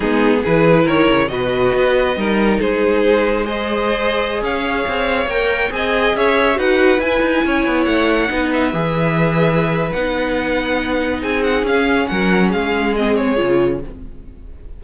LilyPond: <<
  \new Staff \with { instrumentName = "violin" } { \time 4/4 \tempo 4 = 139 gis'4 b'4 cis''4 dis''4~ | dis''2 c''2 | dis''2~ dis''16 f''4.~ f''16~ | f''16 g''4 gis''4 e''4 fis''8.~ |
fis''16 gis''2 fis''4. e''16~ | e''2. fis''4~ | fis''2 gis''8 fis''8 f''4 | fis''4 f''4 dis''8 cis''4. | }
  \new Staff \with { instrumentName = "violin" } { \time 4/4 dis'4 gis'4 ais'4 b'4~ | b'4 ais'4 gis'2 | c''2~ c''16 cis''4.~ cis''16~ | cis''4~ cis''16 dis''4 cis''4 b'8.~ |
b'4~ b'16 cis''2 b'8.~ | b'1~ | b'2 gis'2 | ais'4 gis'2. | }
  \new Staff \with { instrumentName = "viola" } { \time 4/4 b4 e'2 fis'4~ | fis'4 dis'2. | gis'1~ | gis'16 ais'4 gis'2 fis'8.~ |
fis'16 e'2. dis'8.~ | dis'16 gis'2~ gis'8. dis'4~ | dis'2. cis'4~ | cis'2 c'4 f'4 | }
  \new Staff \with { instrumentName = "cello" } { \time 4/4 gis4 e4 dis8 cis8 b,4 | b4 g4 gis2~ | gis2~ gis16 cis'4 c'8.~ | c'16 ais4 c'4 cis'4 dis'8.~ |
dis'16 e'8 dis'8 cis'8 b8 a4 b8.~ | b16 e2~ e8. b4~ | b2 c'4 cis'4 | fis4 gis2 cis4 | }
>>